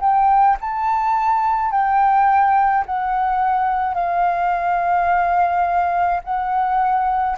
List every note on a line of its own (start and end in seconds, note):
0.00 0.57 G5
0.61 1.71 A5
1.71 2.85 G5
2.86 3.95 F#5
3.95 6.21 F5
6.24 7.37 F#5